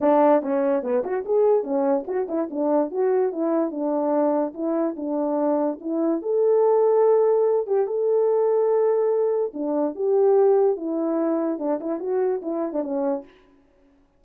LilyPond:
\new Staff \with { instrumentName = "horn" } { \time 4/4 \tempo 4 = 145 d'4 cis'4 b8 fis'8 gis'4 | cis'4 fis'8 e'8 d'4 fis'4 | e'4 d'2 e'4 | d'2 e'4 a'4~ |
a'2~ a'8 g'8 a'4~ | a'2. d'4 | g'2 e'2 | d'8 e'8 fis'4 e'8. d'16 cis'4 | }